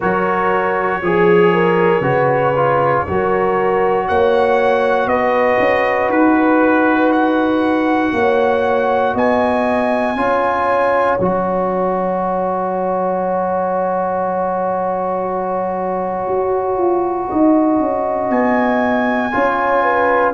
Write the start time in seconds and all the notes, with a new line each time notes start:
0.00 F#3 F#4 A#4 C#5
1.01 F3 G#4
1.53 A#4
2.00 C#3 F#4 B4
2.56 F4
3.05 F#3 F#4 A#4
4.07 A#3 C#5 F#5
5.06 B3 B4 D#5
5.59 C#4
6.08 D#4 B4
7.11 F#5
8.12 A#3 C#5
9.14 B3 D#5 G#5
10.15 C#4 F4 C#5
11.18 F#3 F#4 A#5
16.27 F#4
16.77 F4
17.29 D#4 D#5
17.79 C#4
18.29 B3 G#5
19.32 C#4 F4 C#5
19.82 B4